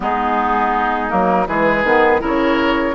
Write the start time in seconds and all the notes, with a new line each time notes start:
0.00 G#3 B3 D#4 G#4
1.09 F#3 A#3 A#4
1.47 E3 G#3 G#4 B4
1.83 D#3 B3
2.19 C#3 E4 A#4
2.25 C#5